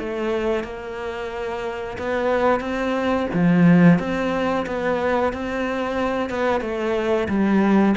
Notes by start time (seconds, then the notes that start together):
0.00 A3
0.64 A#3
1.98 B3
2.61 C4
3.34 F3
4.00 C4
4.67 B3
5.33 C4
6.30 B3
6.62 A3
7.29 G3